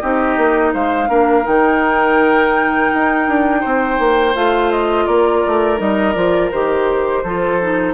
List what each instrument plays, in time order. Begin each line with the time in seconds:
0.00 bassoon C4, clarinet D#4, oboe G4, flute D#5
0.36 bassoon A#3
0.73 bassoon G#3, oboe C5, flute F5
1.07 bassoon A#3, clarinet D4, oboe A#4
1.43 bassoon D#3, clarinet D#4, flute G5
2.93 bassoon D#4
3.28 bassoon D4
3.60 bassoon C4, oboe C5
3.98 bassoon A#3
4.34 bassoon A3, clarinet F4, flute F5
4.71 flute D#5
5.06 bassoon A#3, oboe A#4, flute D5
5.47 bassoon A3
5.77 bassoon G3, clarinet D#4, flute D#5
6.13 bassoon F3, clarinet F4, flute D5
6.51 bassoon D#3, clarinet G4, flute C5
7.23 bassoon F3, clarinet F4, oboe A4
7.61 clarinet D#4